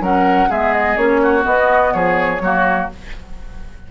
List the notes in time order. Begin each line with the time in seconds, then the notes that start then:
0.00 F#3 C#4 A#4 F#5
0.49 G#3 B3 G#4 E5
0.73 D#5
0.97 A#3 C#4 C#5
1.22 F#4
1.42 B3 D#5
1.93 F3 G#4 C#5
2.40 F#3 A#3 F#4